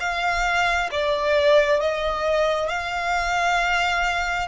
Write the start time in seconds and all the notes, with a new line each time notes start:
0.00 F5
0.91 D5
1.81 D#5
2.69 F5